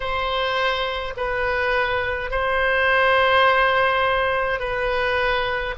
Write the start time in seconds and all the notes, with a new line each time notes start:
0.00 C5
1.16 B4
2.30 C5
4.59 B4